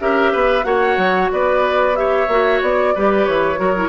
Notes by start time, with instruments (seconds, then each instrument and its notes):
0.00 bassoon C#4, clarinet G4, oboe A#4, flute E5
0.32 bassoon B3, oboe B4
0.64 bassoon A#3, clarinet F#4, oboe C#5, flute F#5
0.97 bassoon F#3
1.32 bassoon B3, oboe B4, flute D5
1.95 clarinet G4, oboe C#5, flute E5
2.28 bassoon A#3, clarinet F#4
2.62 bassoon B3, flute D5
2.95 bassoon G3, clarinet G4, oboe B4
3.26 bassoon E3, flute C#5
3.57 bassoon F#3, clarinet F#4, oboe A#4
3.76 clarinet E4